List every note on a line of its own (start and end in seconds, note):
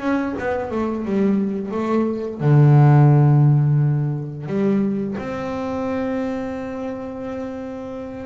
0.00 0.34 C#4
0.40 0.71 B3
0.71 1.06 A3
1.06 1.71 G3
1.71 2.40 A3
2.41 4.47 D3
4.47 5.16 G3
5.18 8.27 C4